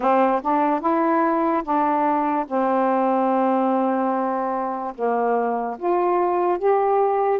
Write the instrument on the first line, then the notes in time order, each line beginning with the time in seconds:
saxophone
0.00 C4
0.42 D4
0.80 E4
1.63 D4
2.47 C4
4.95 A#3
5.78 F4
6.58 G4